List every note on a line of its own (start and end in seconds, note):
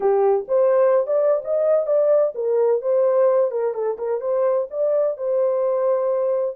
0.00 0.46 G4
0.48 1.06 C5
1.07 1.42 D5
1.44 1.86 D#5
1.86 2.33 D5
2.34 2.81 A#4
2.81 3.51 C5
3.51 3.74 A#4
3.74 3.97 A4
3.98 4.21 A#4
4.21 4.67 C5
4.70 5.17 D5
5.17 6.56 C5